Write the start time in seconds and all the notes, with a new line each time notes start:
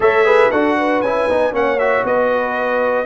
0.00 A3 A4 C#5 E5
0.25 G#4 B4
0.51 D4 F#4 A4 F#5
0.77 B4
1.01 C#4 E4 G#5
1.28 B3 D#4
1.51 A#3 C#4 F#5
1.57 C#5
1.78 F#4 E5
2.03 B3 B4 D#5